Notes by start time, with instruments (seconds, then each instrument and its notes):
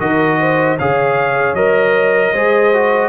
0.00 tuba D#3, trombone F#4, horn A#4, trumpet D#5
0.40 horn C5
0.78 tuba C#3, trombone G#4, horn C#5, trumpet F5
1.54 tuba F#3, trombone A#4, trumpet D#5
2.33 tuba G#3, trombone G#4, horn C5
2.74 trombone F#4